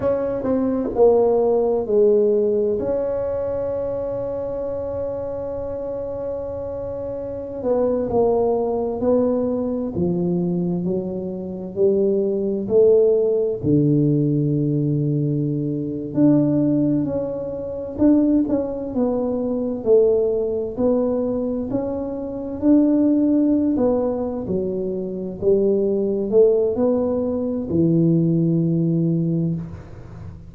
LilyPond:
\new Staff \with { instrumentName = "tuba" } { \time 4/4 \tempo 4 = 65 cis'8 c'8 ais4 gis4 cis'4~ | cis'1~ | cis'16 b8 ais4 b4 f4 fis16~ | fis8. g4 a4 d4~ d16~ |
d4. d'4 cis'4 d'8 | cis'8 b4 a4 b4 cis'8~ | cis'8 d'4~ d'16 b8. fis4 g8~ | g8 a8 b4 e2 | }